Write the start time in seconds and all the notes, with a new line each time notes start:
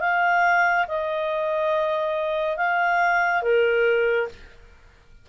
0.00 F5
0.88 D#5
2.57 F5
3.42 A#4